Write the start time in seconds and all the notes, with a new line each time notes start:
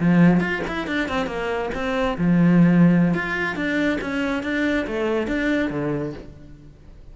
0.00 F3
0.41 F4
0.68 E4
0.88 D4
1.09 C4
1.27 A#3
1.74 C4
2.18 F3
3.15 F4
3.56 D4
4.01 C#4
4.43 D4
4.87 A3
5.28 D4
5.71 D3